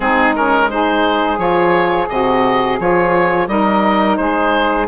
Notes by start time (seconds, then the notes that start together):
0.00 G#3 C4 D#4 G#4
0.35 C#4 A#4
0.70 D#4 G#4 C5
1.37 F3 F4 C#5
2.09 C3 F#4 D#5
2.78 F3 F4 C#5
3.47 G3 D#4 A#4 D#5
4.17 G#3 G#4 C5